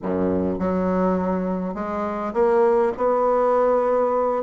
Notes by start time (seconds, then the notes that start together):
0.02 F#2
0.59 F#3
1.74 G#3
2.33 A#3
2.97 B3